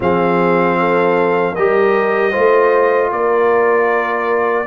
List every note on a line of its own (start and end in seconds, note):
0.00 1.56 F3
0.00 1.56 C4
0.00 0.79 G#4
0.00 1.55 F5
0.79 1.53 A4
1.53 2.34 G3
1.53 2.31 G4
1.53 2.31 A#4
1.53 3.11 D#5
2.31 3.12 A3
2.31 4.65 F4
2.31 3.09 C5
3.12 4.66 A#3
3.12 4.66 A#4
3.12 4.66 D5